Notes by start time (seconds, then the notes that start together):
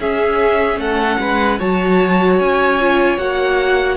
0.00 C#4 G#4 E5
0.77 A3 A4 F#5
1.20 G#3 B4
1.59 F#3 F#4 C#5 A5
2.40 C#4 G#5
2.79 F4
3.18 A#3 F#4 F#5